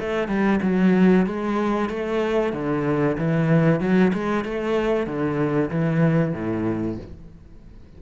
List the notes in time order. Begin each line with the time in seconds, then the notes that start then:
0.00 A3
0.28 G3
0.63 F#3
1.26 G#3
1.90 A3
2.54 D3
3.18 E3
3.81 F#3
4.14 G#3
4.45 A3
5.07 D3
5.71 E3
6.34 A2